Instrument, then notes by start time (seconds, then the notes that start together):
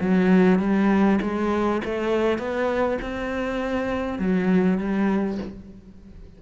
cello
0.00 F#3
0.59 G3
1.21 G#3
1.84 A3
2.38 B3
3.01 C4
4.18 F#3
4.78 G3